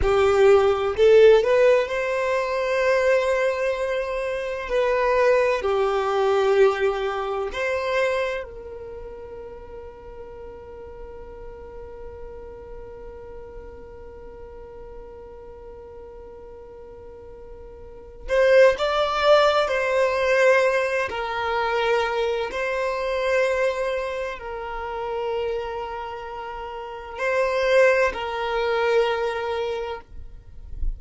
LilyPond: \new Staff \with { instrumentName = "violin" } { \time 4/4 \tempo 4 = 64 g'4 a'8 b'8 c''2~ | c''4 b'4 g'2 | c''4 ais'2.~ | ais'1~ |
ais'2.~ ais'8 c''8 | d''4 c''4. ais'4. | c''2 ais'2~ | ais'4 c''4 ais'2 | }